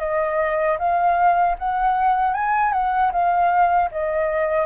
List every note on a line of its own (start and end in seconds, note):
0.00 0.78 D#5
0.79 1.57 F5
1.59 2.34 F#5
2.34 2.73 G#5
2.73 3.12 F#5
3.12 3.90 F5
3.92 4.66 D#5